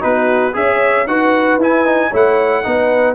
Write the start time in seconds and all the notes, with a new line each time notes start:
0.00 B3 D#4 F#4 B4
0.53 C#4 G#4 C#5 E5
1.07 D#4 F#4 B4 F#5
1.57 E4 G#5
1.85 D#4
2.09 A3 E4 C#5
2.15 F#5
2.63 B3 D#4 B4